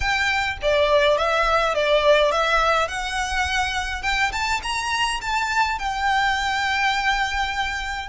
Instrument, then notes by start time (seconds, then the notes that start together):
violin
0.00 G5
0.62 D5
1.17 E5
1.74 D5
2.31 E5
2.88 F#5
4.02 G5
4.32 A5
4.62 A#5
5.21 A5
5.78 G5